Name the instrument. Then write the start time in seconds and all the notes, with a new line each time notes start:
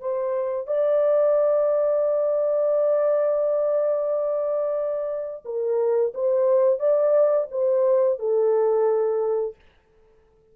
horn
0.00 C5
0.67 D5
5.45 A#4
6.14 C5
6.79 D5
7.51 C5
8.19 A4